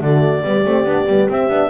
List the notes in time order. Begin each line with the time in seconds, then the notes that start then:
0.00 D3 A3 F#4 D5
0.43 G3 B3 G4
0.66 A3 C4
0.85 B3 D4
1.07 G3 B3
1.29 C4 E5
1.50 B3 D4